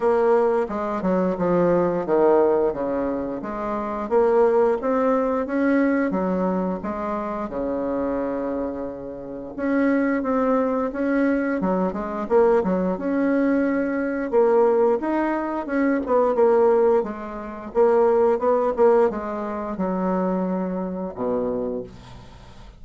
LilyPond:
\new Staff \with { instrumentName = "bassoon" } { \time 4/4 \tempo 4 = 88 ais4 gis8 fis8 f4 dis4 | cis4 gis4 ais4 c'4 | cis'4 fis4 gis4 cis4~ | cis2 cis'4 c'4 |
cis'4 fis8 gis8 ais8 fis8 cis'4~ | cis'4 ais4 dis'4 cis'8 b8 | ais4 gis4 ais4 b8 ais8 | gis4 fis2 b,4 | }